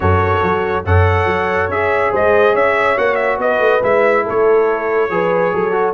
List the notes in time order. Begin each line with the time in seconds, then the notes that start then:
0.00 F#2 F#4 A4 C#5
0.43 F#3
0.85 F#2 A4 C#5 F#5
1.25 F#3
1.68 C#4 G#4 E5
2.12 G#3 C5 D#5
2.53 C#4 C#5 E5
2.96 A#3 F#4 F#5
3.15 E5
3.38 B3 B4 D#5
3.58 A3
3.82 G#3 E4 E5
4.23 A4
4.29 A3 C#5
5.10 F3 G#4 B4
5.53 F#3 A4
5.71 F#4